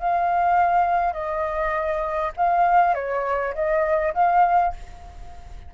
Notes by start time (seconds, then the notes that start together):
0.00 F5
1.14 D#5
2.37 F5
2.95 C#5
3.55 D#5
4.14 F5